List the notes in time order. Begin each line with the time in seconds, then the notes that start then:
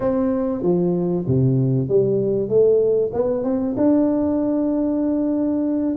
0.00 C4
0.62 F3
1.27 C3
1.88 G3
2.48 A3
3.12 B3
3.43 C4
3.76 D4